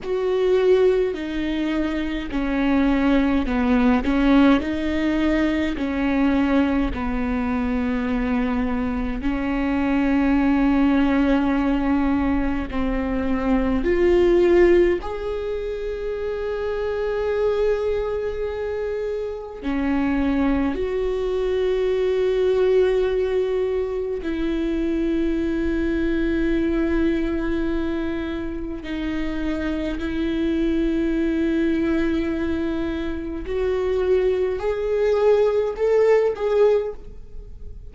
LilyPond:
\new Staff \with { instrumentName = "viola" } { \time 4/4 \tempo 4 = 52 fis'4 dis'4 cis'4 b8 cis'8 | dis'4 cis'4 b2 | cis'2. c'4 | f'4 gis'2.~ |
gis'4 cis'4 fis'2~ | fis'4 e'2.~ | e'4 dis'4 e'2~ | e'4 fis'4 gis'4 a'8 gis'8 | }